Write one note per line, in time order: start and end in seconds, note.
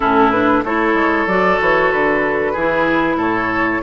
0.00 0.64 A2
0.00 0.32 C#4
0.00 0.64 E4
0.00 0.30 A4
0.30 0.63 D4
0.30 0.62 B4
0.64 0.94 A3
0.64 1.28 E4
0.64 2.52 A4
0.64 1.27 C#5
0.94 1.26 G#3
1.26 1.58 F#3
1.26 2.56 F#4
1.26 1.59 D5
1.60 1.92 E3
1.60 1.91 C#5
1.91 2.55 D3
1.91 3.19 B4
2.52 3.16 E3
2.52 3.82 E4
2.52 3.16 G#4
3.16 3.80 A2
3.16 3.81 A4
3.16 3.82 C#5